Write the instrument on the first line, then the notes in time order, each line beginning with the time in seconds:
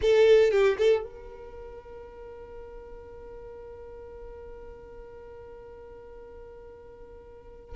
violin
0.01 A4
0.51 G4
0.78 A4
1.03 A#4